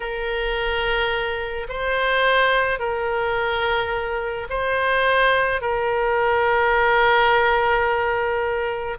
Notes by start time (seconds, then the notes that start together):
0.00 A#4
1.68 C5
2.79 A#4
4.49 C5
5.61 A#4